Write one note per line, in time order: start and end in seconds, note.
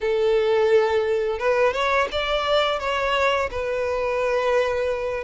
0.00 1.38 A4
1.38 1.73 B4
1.73 2.08 C#5
2.11 2.79 D5
2.79 3.49 C#5
3.50 5.24 B4